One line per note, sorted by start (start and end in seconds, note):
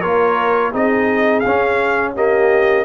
0.00 0.73 A#3
0.00 0.72 F4
0.00 0.71 A#4
0.00 0.71 C#5
0.71 1.44 C4
0.71 1.43 D#4
0.71 2.12 G#4
0.71 1.39 D#5
1.39 2.10 F5
1.45 2.84 C#4
1.45 2.16 C#4
2.14 2.84 A#3
2.14 2.84 G4
2.14 2.84 D#5